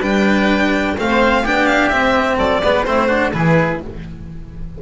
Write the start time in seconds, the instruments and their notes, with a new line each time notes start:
0.00 double bass G3, cello D4, oboe B4, violin G5
0.98 double bass A3, cello C4, oboe C5, violin F5
1.43 double bass B3, cello D4, oboe G4, violin G5
1.66 violin F5
1.89 double bass C4, cello C4, violin E5
2.37 double bass F#3, oboe A4, violin D5
2.63 double bass G#3, cello B3, oboe B4
2.84 double bass A3, cello C4, oboe E4, violin C5
3.07 cello D4, oboe F#4
3.33 double bass E3, cello E4, oboe G#4, violin B4